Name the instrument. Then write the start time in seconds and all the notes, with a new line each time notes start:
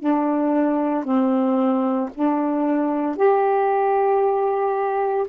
saxophone
0.00 D4
1.04 C4
2.15 D4
3.16 G4